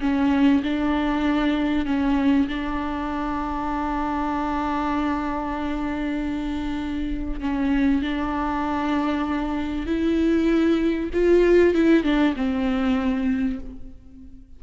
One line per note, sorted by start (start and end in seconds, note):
0.00 0.62 C#4
0.63 1.85 D4
1.85 2.47 C#4
2.48 7.40 D4
7.40 8.02 C#4
8.02 9.86 D4
9.86 11.10 E4
11.13 11.74 F4
11.74 12.03 E4
12.03 12.34 D4
12.35 13.59 C4